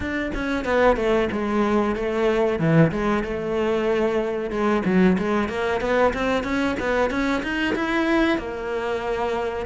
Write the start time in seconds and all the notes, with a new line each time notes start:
0.00 D4
0.34 C#4
0.65 B3
0.96 A3
1.32 G#3
1.95 A3
2.59 E3
2.91 G#3
3.23 A3
4.50 G#3
4.85 F#3
5.18 G#3
5.48 A#3
5.80 B3
6.13 C4
6.43 C#4
6.79 B3
7.10 C#4
7.42 D#4
7.75 E4
8.38 A#3